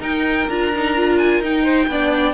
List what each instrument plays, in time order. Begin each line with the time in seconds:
0.00 viola D#4, cello D#4, violin A#4 G5
0.47 cello D4, viola F4, violin A#5
0.75 viola D#4
0.96 viola F4
1.18 violin G#5
1.40 cello D#4, viola D#4, violin G5
1.63 violin C5
1.88 cello B3, viola D4, violin D5